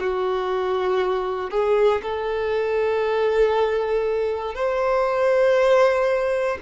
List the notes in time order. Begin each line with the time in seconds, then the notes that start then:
0.00 F#4
1.51 G#4
2.02 A4
4.54 C5